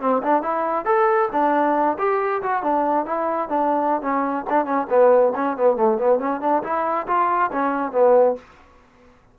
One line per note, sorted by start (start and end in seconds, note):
0.00 0.22 C4
0.23 0.42 D4
0.42 0.85 E4
0.85 1.28 A4
1.32 1.97 D4
1.98 2.42 G4
2.42 2.62 F#4
2.62 3.05 D4
3.05 3.48 E4
3.48 4.01 D4
4.01 4.45 C#4
4.49 4.65 D4
4.65 4.87 C#4
4.89 5.33 B3
5.35 5.56 C#4
5.56 5.76 B3
5.76 5.98 A3
5.98 6.19 B3
6.19 6.41 C#4
6.41 6.62 D4
6.63 7.07 E4
7.07 7.50 F4
7.52 7.92 C#4
7.92 8.35 B3